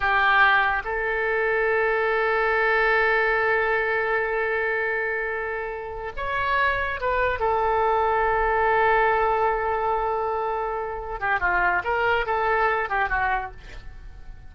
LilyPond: \new Staff \with { instrumentName = "oboe" } { \time 4/4 \tempo 4 = 142 g'2 a'2~ | a'1~ | a'1~ | a'2~ a'8 cis''4.~ |
cis''8 b'4 a'2~ a'8~ | a'1~ | a'2~ a'8 g'8 f'4 | ais'4 a'4. g'8 fis'4 | }